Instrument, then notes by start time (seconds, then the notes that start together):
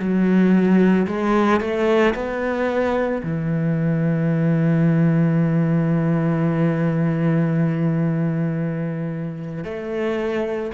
cello
0.00 F#3
1.08 G#3
1.61 A3
2.15 B3
3.24 E3
9.65 A3